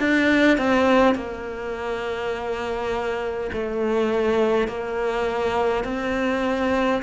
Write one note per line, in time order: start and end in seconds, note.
0.00 0.58 D4
0.58 1.16 C4
1.16 3.51 A#3
3.53 4.68 A3
4.68 5.84 A#3
5.84 7.02 C4